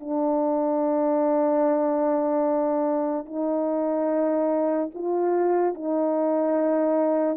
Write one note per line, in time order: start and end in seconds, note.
0.00 3.25 D4
3.25 4.90 D#4
4.95 5.75 F4
5.75 7.37 D#4